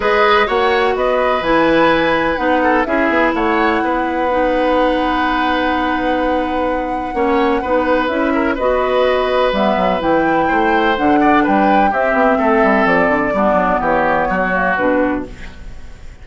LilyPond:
<<
  \new Staff \with { instrumentName = "flute" } { \time 4/4 \tempo 4 = 126 dis''4 fis''4 dis''4 gis''4~ | gis''4 fis''4 e''4 fis''4~ | fis''1~ | fis''1~ |
fis''4 e''4 dis''2 | e''4 g''2 fis''4 | g''4 e''2 d''4~ | d''4 cis''2 b'4 | }
  \new Staff \with { instrumentName = "oboe" } { \time 4/4 b'4 cis''4 b'2~ | b'4. a'8 gis'4 cis''4 | b'1~ | b'2. cis''4 |
b'4. ais'8 b'2~ | b'2 c''4. d''8 | b'4 g'4 a'2 | d'4 g'4 fis'2 | }
  \new Staff \with { instrumentName = "clarinet" } { \time 4/4 gis'4 fis'2 e'4~ | e'4 dis'4 e'2~ | e'4 dis'2.~ | dis'2. cis'4 |
dis'4 e'4 fis'2 | b4 e'2 d'4~ | d'4 c'2. | b2~ b8 ais8 d'4 | }
  \new Staff \with { instrumentName = "bassoon" } { \time 4/4 gis4 ais4 b4 e4~ | e4 b4 cis'8 b8 a4 | b1~ | b2. ais4 |
b4 cis'4 b2 | g8 fis8 e4 a4 d4 | g4 c'8 b8 a8 g8 f8 d8 | g8 fis8 e4 fis4 b,4 | }
>>